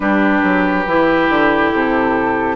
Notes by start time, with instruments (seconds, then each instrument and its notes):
0.00 bassoon G3, clarinet D4, oboe G4, flute B4
0.42 bassoon F#3
0.86 bassoon E3, clarinet E4
1.29 bassoon D3
1.72 bassoon C3, flute A4